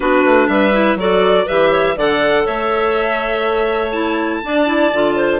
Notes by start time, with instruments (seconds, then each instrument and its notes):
0.00 bassoon B3, clarinet D4 F#4, violin B4
0.25 bassoon A3
0.47 bassoon G3, clarinet B4, violin E5
0.72 clarinet E4
0.95 bassoon F#3, clarinet F#4 A4, violin D5
1.45 bassoon E3, clarinet G4 B4, violin E5
1.71 clarinet C#5
1.96 bassoon D3, clarinet A4 D5, violin F#5
2.44 bassoon A3, clarinet C#5, violin E5
3.91 clarinet E4, violin A5
4.43 bassoon D4, clarinet D4 D5
4.66 clarinet E4
4.92 bassoon D3, clarinet F4
5.16 clarinet C5